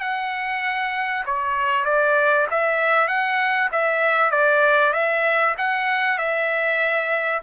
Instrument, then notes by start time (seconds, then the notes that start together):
trumpet
0.00 F#5
1.25 C#5
1.85 D5
2.50 E5
3.07 F#5
3.71 E5
4.31 D5
4.93 E5
5.57 F#5
6.18 E5